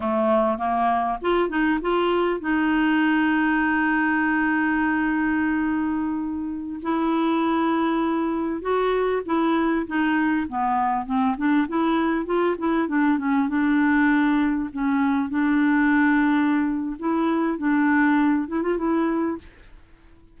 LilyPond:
\new Staff \with { instrumentName = "clarinet" } { \time 4/4 \tempo 4 = 99 a4 ais4 f'8 dis'8 f'4 | dis'1~ | dis'2.~ dis'16 e'8.~ | e'2~ e'16 fis'4 e'8.~ |
e'16 dis'4 b4 c'8 d'8 e'8.~ | e'16 f'8 e'8 d'8 cis'8 d'4.~ d'16~ | d'16 cis'4 d'2~ d'8. | e'4 d'4. e'16 f'16 e'4 | }